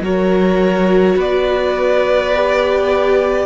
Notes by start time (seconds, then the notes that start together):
0.00 F#3 F#4 A#4 C#5
1.16 B3 B4 D5
2.35 G4